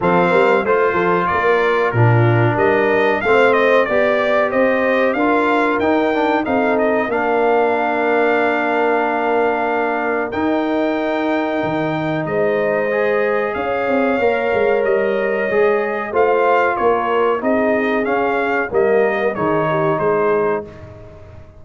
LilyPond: <<
  \new Staff \with { instrumentName = "trumpet" } { \time 4/4 \tempo 4 = 93 f''4 c''4 d''4 ais'4 | dis''4 f''8 dis''8 d''4 dis''4 | f''4 g''4 f''8 dis''8 f''4~ | f''1 |
g''2. dis''4~ | dis''4 f''2 dis''4~ | dis''4 f''4 cis''4 dis''4 | f''4 dis''4 cis''4 c''4 | }
  \new Staff \with { instrumentName = "horn" } { \time 4/4 a'8 ais'8 c''8 a'8 ais'4 f'4 | ais'4 c''4 d''4 c''4 | ais'2 a'4 ais'4~ | ais'1~ |
ais'2. c''4~ | c''4 cis''2.~ | cis''4 c''4 ais'4 gis'4~ | gis'4 ais'4 gis'8 g'8 gis'4 | }
  \new Staff \with { instrumentName = "trombone" } { \time 4/4 c'4 f'2 d'4~ | d'4 c'4 g'2 | f'4 dis'8 d'8 dis'4 d'4~ | d'1 |
dis'1 | gis'2 ais'2 | gis'4 f'2 dis'4 | cis'4 ais4 dis'2 | }
  \new Staff \with { instrumentName = "tuba" } { \time 4/4 f8 g8 a8 f8 ais4 ais,4 | g4 a4 b4 c'4 | d'4 dis'4 c'4 ais4~ | ais1 |
dis'2 dis4 gis4~ | gis4 cis'8 c'8 ais8 gis8 g4 | gis4 a4 ais4 c'4 | cis'4 g4 dis4 gis4 | }
>>